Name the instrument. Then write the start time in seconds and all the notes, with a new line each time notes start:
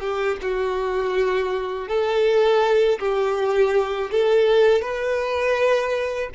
violin
0.00 G4
0.42 F#4
1.88 A4
2.99 G4
4.11 A4
4.82 B4